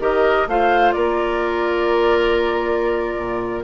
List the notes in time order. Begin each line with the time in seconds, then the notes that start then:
0.00 D#3 G4 A#4 D#5
0.47 A3 F4 C5 F5
0.92 A#3 A#4 D5
3.18 A#2